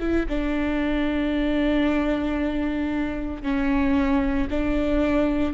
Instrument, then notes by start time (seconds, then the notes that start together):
viola
0.00 E4
0.29 D4
3.43 C#4
4.50 D4